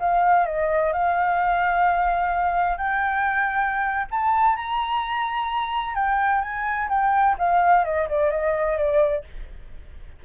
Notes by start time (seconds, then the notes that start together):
0.00 F5
0.46 D#5
0.93 F5
2.78 G5
4.11 A5
4.56 A#5
5.95 G5
6.42 G#5
6.89 G5
7.39 F5
7.85 D#5
8.09 D5
8.31 D#5
8.78 D5